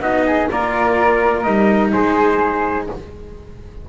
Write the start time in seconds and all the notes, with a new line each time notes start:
0.00 B3 D#4 F#4 D#5
0.26 G#4
0.51 A#3 F4 A#4 D5
1.43 G3 D#4 D#5
1.93 G#3 G#4 C5